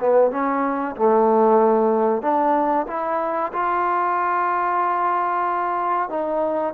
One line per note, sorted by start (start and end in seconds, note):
0.00 0.31 B3
0.31 0.96 C#4
0.96 2.22 A3
2.22 2.86 D4
2.87 3.52 E4
3.52 6.10 F4
6.10 6.74 D#4